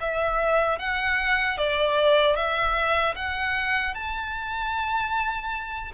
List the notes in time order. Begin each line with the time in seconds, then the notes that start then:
0.00 E5
0.79 F#5
1.58 D5
2.36 E5
3.15 F#5
3.94 A5